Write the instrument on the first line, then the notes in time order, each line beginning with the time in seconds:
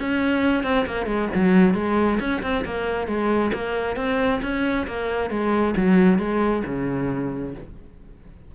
cello
0.00 C#4
0.64 C4
0.86 A#3
1.06 G#3
1.35 F#3
1.75 G#3
2.20 C#4
2.43 C4
2.65 A#3
3.08 G#3
3.54 A#3
3.97 C4
4.42 C#4
4.87 A#3
5.31 G#3
5.77 F#3
6.19 G#3
6.66 C#3